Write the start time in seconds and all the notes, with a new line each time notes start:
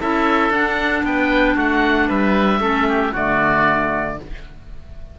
0.00 C#4 E4 A4 E5
0.50 D4 F#5
1.03 B3 B4 G5
1.55 A3 F#4 F#5
2.08 G3 B4 E5
2.60 A3 C#4 A4
2.89 G4
3.12 D3 A3 F#4 D5